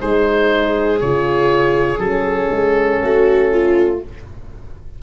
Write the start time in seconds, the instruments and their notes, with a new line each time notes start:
0.00 tuba G#3, horn D#4, viola G#4, oboe C5
1.00 tuba C#3, horn F4, oboe C#5
1.99 tuba F#3, horn C#4, oboe A4
2.51 tuba G#3
3.02 tuba A3, viola F#4
3.52 viola F4